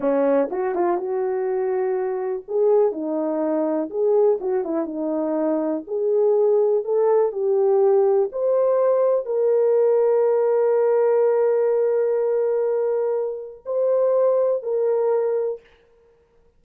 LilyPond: \new Staff \with { instrumentName = "horn" } { \time 4/4 \tempo 4 = 123 cis'4 fis'8 f'8 fis'2~ | fis'4 gis'4 dis'2 | gis'4 fis'8 e'8 dis'2 | gis'2 a'4 g'4~ |
g'4 c''2 ais'4~ | ais'1~ | ais'1 | c''2 ais'2 | }